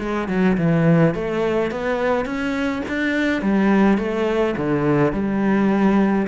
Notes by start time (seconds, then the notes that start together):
0.00 G#3
0.29 F#3
0.58 E3
1.15 A3
1.71 B3
2.26 C#4
2.89 D4
3.42 G3
3.98 A3
4.58 D3
5.13 G3